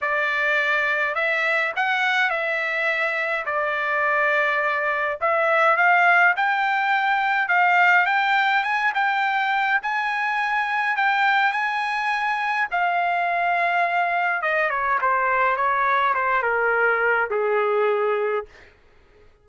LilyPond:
\new Staff \with { instrumentName = "trumpet" } { \time 4/4 \tempo 4 = 104 d''2 e''4 fis''4 | e''2 d''2~ | d''4 e''4 f''4 g''4~ | g''4 f''4 g''4 gis''8 g''8~ |
g''4 gis''2 g''4 | gis''2 f''2~ | f''4 dis''8 cis''8 c''4 cis''4 | c''8 ais'4. gis'2 | }